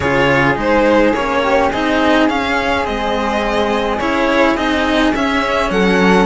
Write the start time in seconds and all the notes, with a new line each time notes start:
0.00 C#3 F4 G#4 C#5
0.55 G#3 D#4 C5
1.12 A#3 C#4 C#5
1.42 G4
1.70 C4 D#4 G#4 D#5
2.28 C#4 F5
2.85 G#3 C4 D#5
3.99 C#4 E4 C#5
4.55 C4 D#4 D#5
5.14 C#4 E5
5.70 F#3 A4 F#5